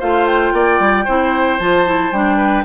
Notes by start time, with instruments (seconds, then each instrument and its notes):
0.00 bassoon A3, clarinet F4, oboe C5, flute F5
0.27 flute G5
0.53 bassoon A#3, oboe D5
0.79 bassoon G3
1.05 bassoon C4, clarinet E4, oboe C5
1.59 bassoon F3, clarinet F4, flute A5
1.86 clarinet E4
2.12 bassoon G3, clarinet D4, flute G5
2.37 oboe B4